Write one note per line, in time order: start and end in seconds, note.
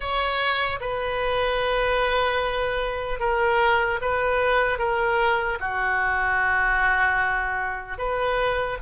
0.00 0.79 C#5
0.80 3.19 B4
3.19 3.99 A#4
4.01 4.78 B4
4.78 5.58 A#4
5.60 7.97 F#4
7.97 8.77 B4